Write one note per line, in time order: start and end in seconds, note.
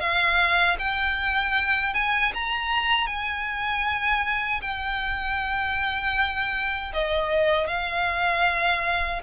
0.00 0.77 F5
0.79 1.94 G5
1.94 2.33 G#5
2.34 3.07 A#5
3.07 4.60 G#5
4.62 6.92 G5
6.93 7.67 D#5
7.67 9.21 F5